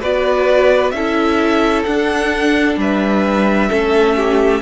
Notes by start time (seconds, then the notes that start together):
0.00 B3 F#4 B4 D5
0.90 C#4 E4 A4 E5
1.83 D4 F#5
2.77 G3 B4 E5
3.69 A3 C#4 A4
4.16 G4